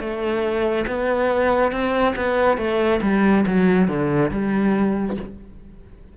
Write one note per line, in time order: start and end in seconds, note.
0.00 0.86 A3
0.87 1.72 B3
1.72 2.15 C4
2.16 2.58 B3
2.58 3.01 A3
3.02 3.45 G3
3.47 3.88 F#3
3.88 4.31 D3
4.31 5.17 G3